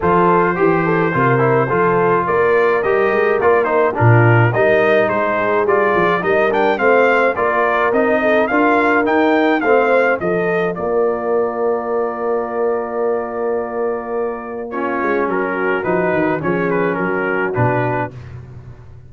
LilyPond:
<<
  \new Staff \with { instrumentName = "trumpet" } { \time 4/4 \tempo 4 = 106 c''1 | d''4 dis''4 d''8 c''8 ais'4 | dis''4 c''4 d''4 dis''8 g''8 | f''4 d''4 dis''4 f''4 |
g''4 f''4 dis''4 d''4~ | d''1~ | d''2 cis''4 ais'4 | b'4 cis''8 b'8 ais'4 b'4 | }
  \new Staff \with { instrumentName = "horn" } { \time 4/4 a'4 g'8 a'8 ais'4 a'4 | ais'2. f'4 | ais'4 gis'2 ais'4 | c''4 ais'4. a'8 ais'4~ |
ais'4 c''4 a'4 ais'4~ | ais'1~ | ais'2 f'4 fis'4~ | fis'4 gis'4 fis'2 | }
  \new Staff \with { instrumentName = "trombone" } { \time 4/4 f'4 g'4 f'8 e'8 f'4~ | f'4 g'4 f'8 dis'8 d'4 | dis'2 f'4 dis'8 d'8 | c'4 f'4 dis'4 f'4 |
dis'4 c'4 f'2~ | f'1~ | f'2 cis'2 | dis'4 cis'2 d'4 | }
  \new Staff \with { instrumentName = "tuba" } { \time 4/4 f4 e4 c4 f4 | ais4 g8 gis8 ais4 ais,4 | g4 gis4 g8 f8 g4 | a4 ais4 c'4 d'4 |
dis'4 a4 f4 ais4~ | ais1~ | ais2~ ais8 gis8 fis4 | f8 dis8 f4 fis4 b,4 | }
>>